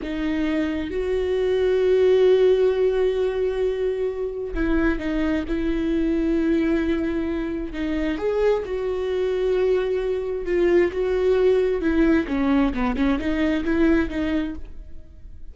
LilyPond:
\new Staff \with { instrumentName = "viola" } { \time 4/4 \tempo 4 = 132 dis'2 fis'2~ | fis'1~ | fis'2 e'4 dis'4 | e'1~ |
e'4 dis'4 gis'4 fis'4~ | fis'2. f'4 | fis'2 e'4 cis'4 | b8 cis'8 dis'4 e'4 dis'4 | }